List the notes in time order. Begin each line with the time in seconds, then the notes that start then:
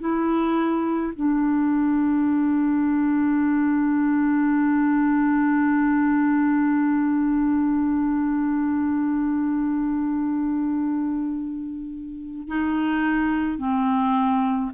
0.00 E4
1.16 D4
12.48 D#4
13.58 C4